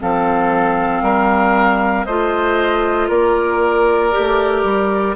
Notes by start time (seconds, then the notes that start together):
0.00 F3 C4 A4 F5
1.02 G3 A#4
2.05 A3 F4 C5 D#5
3.09 A#3 A#4 D5
4.12 G4
4.19 A3
4.64 G3